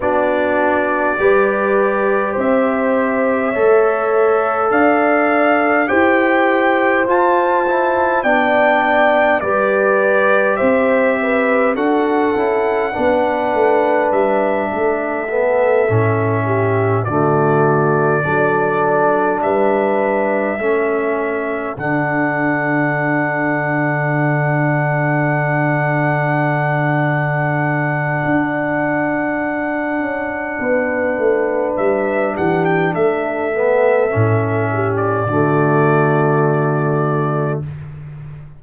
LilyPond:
<<
  \new Staff \with { instrumentName = "trumpet" } { \time 4/4 \tempo 4 = 51 d''2 e''2 | f''4 g''4 a''4 g''4 | d''4 e''4 fis''2 | e''2~ e''8 d''4.~ |
d''8 e''2 fis''4.~ | fis''1~ | fis''2. e''8 fis''16 g''16 | e''4.~ e''16 d''2~ d''16 | }
  \new Staff \with { instrumentName = "horn" } { \time 4/4 fis'4 b'4 c''4 cis''4 | d''4 c''2 d''4 | b'4 c''8 b'8 a'4 b'4~ | b'8 a'4. g'8 fis'4 a'8~ |
a'8 b'4 a'2~ a'8~ | a'1~ | a'2 b'4. g'8 | a'4. g'8 fis'2 | }
  \new Staff \with { instrumentName = "trombone" } { \time 4/4 d'4 g'2 a'4~ | a'4 g'4 f'8 e'8 d'4 | g'2 fis'8 e'8 d'4~ | d'4 b8 cis'4 a4 d'8~ |
d'4. cis'4 d'4.~ | d'1~ | d'1~ | d'8 b8 cis'4 a2 | }
  \new Staff \with { instrumentName = "tuba" } { \time 4/4 b4 g4 c'4 a4 | d'4 e'4 f'4 b4 | g4 c'4 d'8 cis'8 b8 a8 | g8 a4 a,4 d4 fis8~ |
fis8 g4 a4 d4.~ | d1 | d'4. cis'8 b8 a8 g8 e8 | a4 a,4 d2 | }
>>